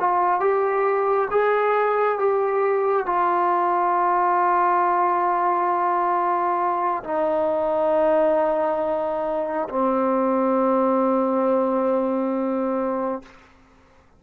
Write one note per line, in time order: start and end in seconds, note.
0.00 0.41 F4
0.41 1.29 G4
1.31 2.19 G#4
2.19 3.06 G4
3.06 7.03 F4
7.04 9.69 D#4
9.70 13.23 C4